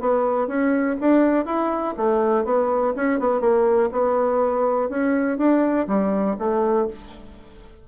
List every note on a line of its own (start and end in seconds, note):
0.00 0.47 B3
0.47 0.96 C#4
1.01 1.46 D4
1.46 1.95 E4
1.97 2.45 A3
2.45 2.94 B3
2.96 3.19 C#4
3.19 3.40 B3
3.40 3.90 A#3
3.92 4.89 B3
4.89 5.38 C#4
5.38 5.87 D4
5.87 6.37 G3
6.39 6.88 A3